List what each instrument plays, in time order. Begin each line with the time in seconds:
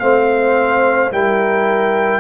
0.00 tuba A3, trombone C4, horn C5, trumpet F5
1.12 tuba G3, trombone E4, horn A#4, trumpet G5